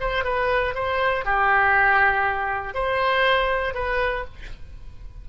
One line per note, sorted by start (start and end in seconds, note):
0.00 0.24 C5
0.24 0.74 B4
0.74 1.25 C5
1.25 2.74 G4
2.74 3.74 C5
3.74 4.24 B4